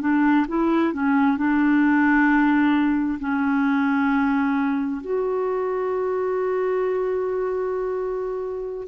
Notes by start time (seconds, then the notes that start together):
0.00 D4
0.48 E4
0.93 C#4
1.37 D4
3.19 C#4
5.01 F#4